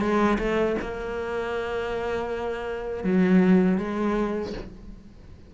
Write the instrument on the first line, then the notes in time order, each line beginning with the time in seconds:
cello
0.00 G#3
0.38 A3
0.81 A#3
3.03 F#3
3.78 G#3